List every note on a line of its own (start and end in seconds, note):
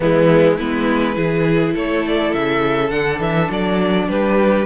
0.00 0.58 E3
0.00 0.59 G#3
0.00 0.56 B3
0.00 0.57 E4
0.56 1.16 G#3
0.56 1.14 B3
0.56 1.15 E4
0.56 1.74 B4
1.14 1.75 E3
1.14 2.88 E4
1.14 1.74 G#4
1.74 2.33 A3
1.74 4.07 A4
1.74 2.05 C#5
2.07 2.33 D5
2.33 2.91 C#3
2.33 2.89 E5
2.89 3.19 D3
2.89 4.65 D4
2.89 3.19 F#5
3.19 3.48 E3
3.19 3.50 E5
3.50 4.08 F#3
3.50 4.08 D5
4.08 4.65 G3
4.08 4.65 G4
4.08 4.65 B4